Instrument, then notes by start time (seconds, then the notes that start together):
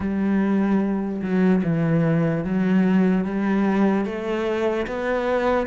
cello
0.00 G3
1.22 F#3
1.63 E3
2.44 F#3
3.24 G3
4.05 A3
4.86 B3